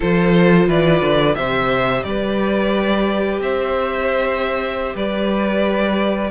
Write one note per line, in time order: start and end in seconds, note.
0.00 0.68 F3
0.00 1.35 F4
0.00 0.67 A4
0.00 0.69 C5
0.67 1.01 E3
0.67 1.35 B4
0.67 1.35 D5
1.01 1.35 D3
1.35 2.04 C3
1.35 6.30 G4
1.35 2.04 C5
1.35 2.03 E5
2.03 3.40 G3
2.03 3.42 B4
2.03 3.39 D5
3.40 4.93 C4
3.40 4.95 C5
3.40 4.95 E5
4.95 6.30 G3
4.95 6.30 B4
4.95 6.30 D5